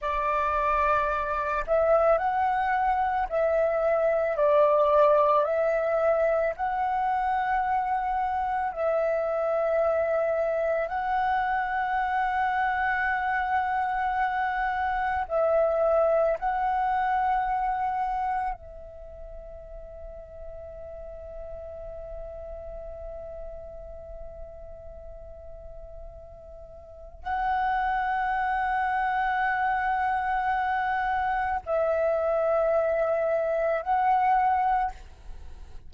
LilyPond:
\new Staff \with { instrumentName = "flute" } { \time 4/4 \tempo 4 = 55 d''4. e''8 fis''4 e''4 | d''4 e''4 fis''2 | e''2 fis''2~ | fis''2 e''4 fis''4~ |
fis''4 e''2.~ | e''1~ | e''4 fis''2.~ | fis''4 e''2 fis''4 | }